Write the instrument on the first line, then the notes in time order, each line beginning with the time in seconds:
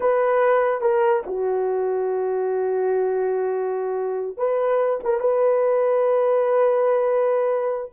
horn
0.00 B4
0.81 A#4
1.26 F#4
4.37 B4
5.04 A#4
5.20 B4